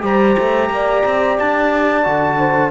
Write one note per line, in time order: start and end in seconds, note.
0.00 0.37 G3
0.00 2.02 G4
0.00 0.70 C5
0.00 1.39 A#5
0.38 0.70 A3
0.70 1.03 A#3
0.70 2.38 D5
1.05 1.39 C4
1.39 2.06 D4
1.39 2.71 A5
2.04 2.71 D3
2.04 2.71 F#4
2.38 2.71 C5